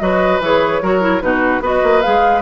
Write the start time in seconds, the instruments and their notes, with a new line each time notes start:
0.00 bassoon F#3, clarinet F#4, oboe B4, flute D#5
0.40 bassoon E3, clarinet G#4, flute C#5
0.82 bassoon F#3, clarinet F#4, oboe A#4
1.01 clarinet E4
1.21 bassoon B2, clarinet D#4, oboe F#4, flute B4
1.60 bassoon B3, clarinet F#4, oboe B4
1.67 flute D#5
1.84 bassoon A#3
2.01 bassoon G#3, clarinet G#4, flute F5